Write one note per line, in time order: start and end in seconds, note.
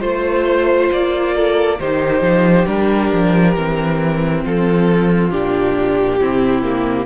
0.00 0.89 A3
0.00 1.76 F4
0.00 0.88 C5
0.00 1.34 C5
0.92 1.80 A#3
0.92 1.79 D5
1.35 1.79 A4
1.79 2.21 D#3
1.79 2.66 D#4
1.79 4.43 G4
1.79 2.66 C5
2.21 2.65 F3
2.66 3.11 G3
2.66 3.54 D4
2.66 4.42 A#4
3.12 3.56 F3
3.56 4.44 E3
3.56 5.31 C4
4.43 5.31 F3
4.43 6.19 F4
4.43 5.30 A4
5.30 6.20 A#2
5.30 6.19 D4
5.30 7.06 G4
6.19 7.06 C3
6.19 6.63 C4
6.19 7.06 E4
6.63 7.06 A#3